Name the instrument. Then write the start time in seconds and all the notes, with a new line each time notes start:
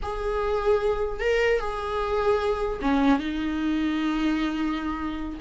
viola
0.02 G#4
1.20 A#4
1.59 G#4
2.81 C#4
3.19 D#4